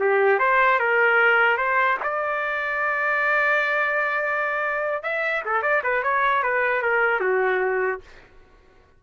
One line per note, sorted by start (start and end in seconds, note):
0.00 0.39 G4
0.39 0.80 C5
0.80 1.58 A#4
1.58 1.98 C5
2.03 5.03 D5
5.03 5.44 E5
5.45 5.62 A4
5.62 5.83 D5
5.84 6.03 B4
6.03 6.43 C#5
6.43 6.82 B4
6.82 7.20 A#4
7.20 8.01 F#4